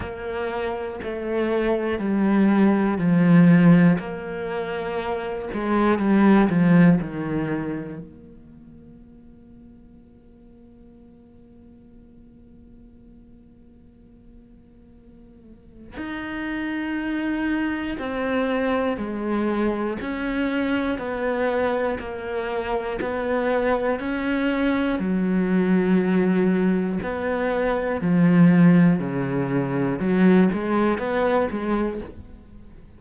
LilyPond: \new Staff \with { instrumentName = "cello" } { \time 4/4 \tempo 4 = 60 ais4 a4 g4 f4 | ais4. gis8 g8 f8 dis4 | ais1~ | ais1 |
dis'2 c'4 gis4 | cis'4 b4 ais4 b4 | cis'4 fis2 b4 | f4 cis4 fis8 gis8 b8 gis8 | }